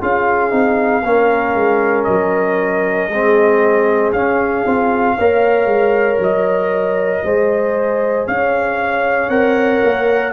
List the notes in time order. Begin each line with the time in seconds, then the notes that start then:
0.00 C#4 F4 G#4 F5
0.50 C4 D#4
1.03 A#3 C#4 A#4
1.55 G#3
2.04 F#3 D#5
3.09 G#3 C4 G#4
4.12 C#4 F5
4.66 C4 F4
5.17 A#3 A#4 C#5
5.65 G#3
6.19 F#3 D#5
7.23 G#3 G#4 C5
8.27 C#4 C#5 F5
9.29 C4 A#4 F#5
9.83 A#3